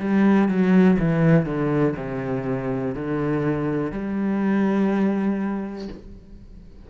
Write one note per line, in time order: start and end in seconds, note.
0.00 0.49 G3
0.49 0.98 F#3
0.99 1.46 E3
1.46 1.95 D3
1.97 2.95 C3
2.95 3.92 D3
3.92 5.89 G3